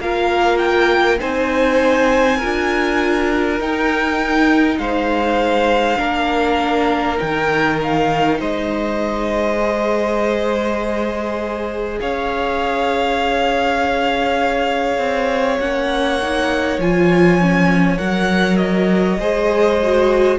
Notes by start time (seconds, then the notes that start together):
0.00 A#3 F4 A#4 F5
0.58 G5
1.19 C4 D#4 C5 G#5
2.37 F4 A#4
2.44 D4
3.60 D#4 G5
4.78 G#3 C5 F5
5.97 A#3 D4 A#4
7.17 D#3 D#4 G5
7.83 F5
8.39 G#3 C5 D#5
9.60 G#4
12.00 C#4 C#5 F5
14.98 C4
15.59 A#3 C#4 F#5
16.21 D#4
16.78 F3 F4 G#5
17.41 C#4
17.98 F#3 A#4 F#5
18.57 D#5
19.18 G#3 G#4 C5
19.82 F#4